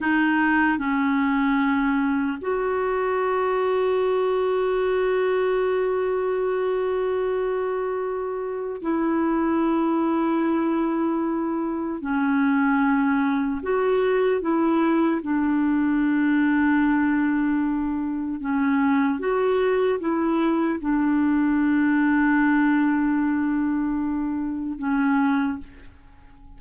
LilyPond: \new Staff \with { instrumentName = "clarinet" } { \time 4/4 \tempo 4 = 75 dis'4 cis'2 fis'4~ | fis'1~ | fis'2. e'4~ | e'2. cis'4~ |
cis'4 fis'4 e'4 d'4~ | d'2. cis'4 | fis'4 e'4 d'2~ | d'2. cis'4 | }